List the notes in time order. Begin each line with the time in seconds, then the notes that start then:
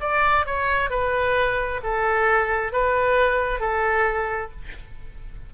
0.00 D5
0.46 C#5
0.89 B4
1.83 A4
2.72 B4
3.60 A4